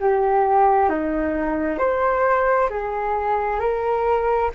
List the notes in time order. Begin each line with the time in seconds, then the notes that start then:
0.00 G4
0.89 D#4
1.78 C5
2.70 G#4
3.60 A#4